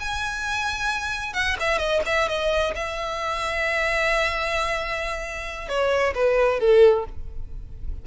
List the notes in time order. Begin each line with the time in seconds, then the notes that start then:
0.00 G#5
1.34 F#5
1.60 E5
1.79 D#5
2.06 E5
2.29 D#5
2.76 E5
5.69 C#5
6.15 B4
6.60 A4